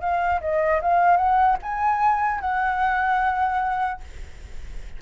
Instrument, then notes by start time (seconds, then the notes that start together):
flute
0.00 F5
0.40 D#5
0.81 F5
1.16 F#5
1.62 G#5
2.40 F#5